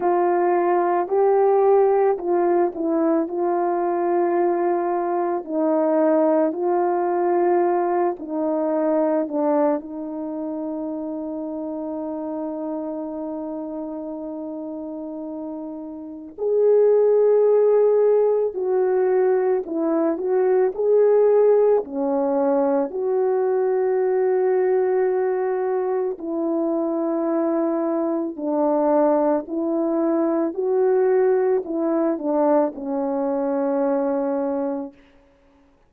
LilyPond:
\new Staff \with { instrumentName = "horn" } { \time 4/4 \tempo 4 = 55 f'4 g'4 f'8 e'8 f'4~ | f'4 dis'4 f'4. dis'8~ | dis'8 d'8 dis'2.~ | dis'2. gis'4~ |
gis'4 fis'4 e'8 fis'8 gis'4 | cis'4 fis'2. | e'2 d'4 e'4 | fis'4 e'8 d'8 cis'2 | }